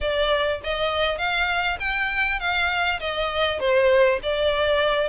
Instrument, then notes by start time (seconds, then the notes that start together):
violin
0.00 D5
0.63 D#5
1.18 F5
1.79 G5
2.39 F5
3.00 D#5
3.59 C5
4.22 D5